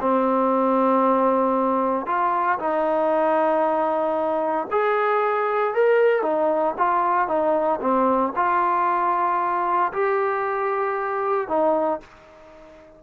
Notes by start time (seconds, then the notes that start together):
0.00 C4
2.06 F4
2.58 D#4
4.71 G#4
5.74 A#4
6.22 D#4
6.77 F4
7.27 D#4
7.80 C4
8.35 F4
9.92 G4
11.48 D#4